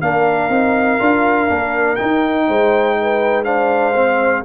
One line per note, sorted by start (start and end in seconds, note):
0.00 0.50 A#3
0.00 0.51 D4
0.00 2.46 A#4
0.00 1.96 F5
0.50 0.99 C4
0.50 1.00 D#4
1.00 1.50 D4
1.00 1.49 F4
1.49 1.99 A#3
1.49 1.98 D4
1.96 3.45 D#4
1.96 2.49 D#4
1.96 3.44 G5
2.48 4.45 G#3
2.48 2.97 C5
3.01 3.45 B4
3.45 3.94 D4
3.45 4.43 C5
3.45 4.43 F5
3.95 4.45 C4